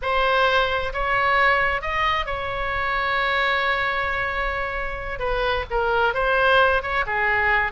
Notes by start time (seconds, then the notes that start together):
0.01 C5
0.93 C#5
1.81 D#5
2.26 C#5
5.19 B4
5.70 A#4
6.14 C5
6.82 C#5
7.06 G#4